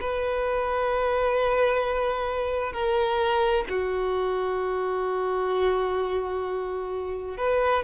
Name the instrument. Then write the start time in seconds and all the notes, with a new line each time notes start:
violin
0.00 B4
2.72 A#4
3.69 F#4
7.37 B4